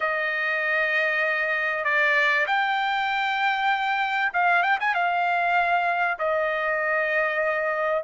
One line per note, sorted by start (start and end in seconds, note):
0.00 1.84 D#5
1.84 2.46 D5
2.46 4.32 G5
4.33 4.63 F5
4.63 4.78 G5
4.80 4.94 G#5
4.94 6.18 F5
6.18 8.03 D#5